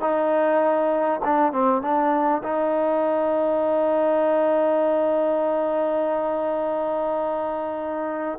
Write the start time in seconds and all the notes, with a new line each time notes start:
0.00 D#4
1.24 D4
1.52 C4
1.82 D4
2.43 D#4